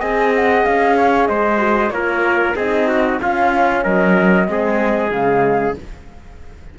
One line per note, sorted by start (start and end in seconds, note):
0.00 0.66 C4
0.00 1.59 G#4
0.00 0.96 D#5
0.00 0.33 G#5
0.35 0.65 F#5
0.65 1.29 C#4
0.65 1.27 F5
0.97 1.29 C#5
1.27 1.90 G#3
1.27 1.93 C5
1.27 1.90 D#5
1.59 1.91 F#4
1.90 2.54 A#3
1.90 2.57 F4
1.90 2.56 A#4
1.90 2.54 C#5
2.56 3.19 C4
2.56 3.22 D#4
2.56 2.88 G#4
2.56 3.20 D#5
2.88 3.20 F#4
3.21 4.47 C#4
3.21 3.85 C#4
3.21 3.84 F4
3.21 3.84 F5
3.84 4.48 F#3
3.84 4.47 A#4
3.84 5.12 D#5
4.47 5.11 G#3
4.47 5.11 C4
4.47 5.79 G#4
5.11 5.75 C#3
5.11 5.77 G#3
5.11 5.75 F5